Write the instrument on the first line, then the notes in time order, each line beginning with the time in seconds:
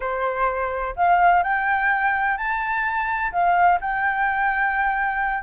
flute
0.00 C5
0.96 F5
1.43 G5
2.37 A5
3.32 F5
3.81 G5